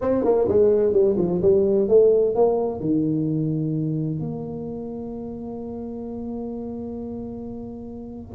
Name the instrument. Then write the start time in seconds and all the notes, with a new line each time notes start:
tuba
0.01 C4
0.24 A#3
0.48 G#3
0.93 G3
1.17 F3
1.42 G3
1.88 A3
2.35 A#3
2.80 D#3
4.19 A#3